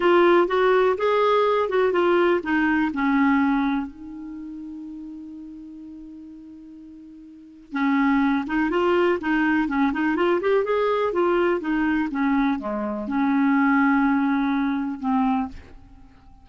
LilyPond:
\new Staff \with { instrumentName = "clarinet" } { \time 4/4 \tempo 4 = 124 f'4 fis'4 gis'4. fis'8 | f'4 dis'4 cis'2 | dis'1~ | dis'1 |
cis'4. dis'8 f'4 dis'4 | cis'8 dis'8 f'8 g'8 gis'4 f'4 | dis'4 cis'4 gis4 cis'4~ | cis'2. c'4 | }